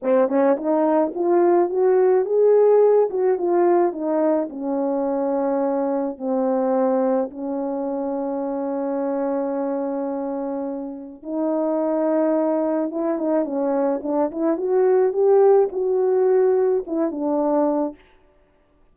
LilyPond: \new Staff \with { instrumentName = "horn" } { \time 4/4 \tempo 4 = 107 c'8 cis'8 dis'4 f'4 fis'4 | gis'4. fis'8 f'4 dis'4 | cis'2. c'4~ | c'4 cis'2.~ |
cis'1 | dis'2. e'8 dis'8 | cis'4 d'8 e'8 fis'4 g'4 | fis'2 e'8 d'4. | }